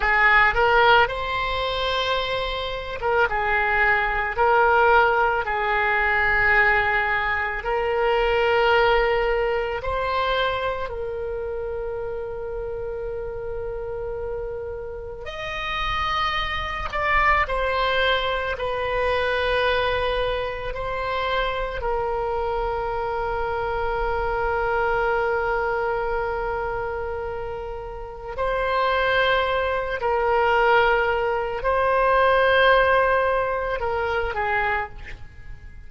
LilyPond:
\new Staff \with { instrumentName = "oboe" } { \time 4/4 \tempo 4 = 55 gis'8 ais'8 c''4.~ c''16 ais'16 gis'4 | ais'4 gis'2 ais'4~ | ais'4 c''4 ais'2~ | ais'2 dis''4. d''8 |
c''4 b'2 c''4 | ais'1~ | ais'2 c''4. ais'8~ | ais'4 c''2 ais'8 gis'8 | }